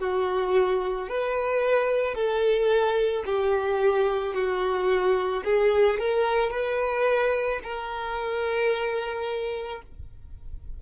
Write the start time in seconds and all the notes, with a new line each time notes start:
0.00 F#4
1.09 B4
2.15 A4
3.26 G4
4.35 F#4
5.45 G#4
6.00 A#4
6.51 B4
7.64 A#4